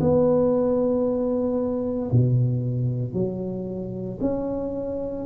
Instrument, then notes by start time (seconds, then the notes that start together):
tuba
0.00 B3
2.11 B2
3.13 F#3
4.21 C#4